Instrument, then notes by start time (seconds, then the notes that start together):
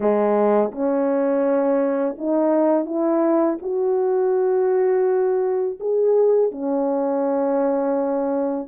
horn
0.00 G#3
0.71 C#4
2.18 D#4
2.86 E4
3.61 F#4
5.80 G#4
6.51 C#4